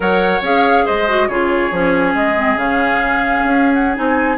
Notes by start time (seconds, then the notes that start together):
0.00 F#3 A#4 C#5 F#5
0.42 C#4 G#4 F5
0.85 G#3 C5 D#5
1.07 F#4
1.28 C#3 F4 G#4 C#5
1.71 F3 C#4
2.14 G#3 D#5
2.36 C4
2.56 C#3 C#4 F5
3.43 C#4
3.74 F#5
3.94 C4 D#4 G#5